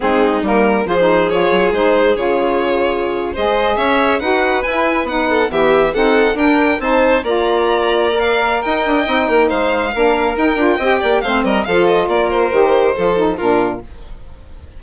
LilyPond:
<<
  \new Staff \with { instrumentName = "violin" } { \time 4/4 \tempo 4 = 139 gis'4 ais'4 c''4 cis''4 | c''4 cis''2~ cis''8. dis''16~ | dis''8. e''4 fis''4 gis''4 fis''16~ | fis''8. e''4 fis''4 g''4 a''16~ |
a''8. ais''2~ ais''16 f''4 | g''2 f''2 | g''2 f''8 dis''8 f''8 dis''8 | d''8 c''2~ c''8 ais'4 | }
  \new Staff \with { instrumentName = "violin" } { \time 4/4 dis'2 gis'2~ | gis'2.~ gis'8. c''16~ | c''8. cis''4 b'2~ b'16~ | b'16 a'8 g'4 a'4 ais'4 c''16~ |
c''8. d''2.~ d''16 | dis''4. ais'8 c''4 ais'4~ | ais'4 dis''8 d''8 c''8 ais'8 a'4 | ais'2 a'4 f'4 | }
  \new Staff \with { instrumentName = "saxophone" } { \time 4/4 c'4 ais4 f'16 dis'8. f'4 | dis'4 f'2~ f'8. gis'16~ | gis'4.~ gis'16 fis'4 e'4 dis'16~ | dis'8. b4 c'4 d'4 dis'16~ |
dis'8. f'2 ais'4~ ais'16~ | ais'4 dis'2 d'4 | dis'8 f'8 g'4 c'4 f'4~ | f'4 g'4 f'8 dis'8 d'4 | }
  \new Staff \with { instrumentName = "bassoon" } { \time 4/4 gis4 g4 f4. fis8 | gis4 cis2~ cis8. gis16~ | gis8. cis'4 dis'4 e'4 b16~ | b8. e4 dis'4 d'4 c'16~ |
c'8. ais2.~ ais16 | dis'8 d'8 c'8 ais8 gis4 ais4 | dis'8 d'8 c'8 ais8 a8 g8 f4 | ais4 dis4 f4 ais,4 | }
>>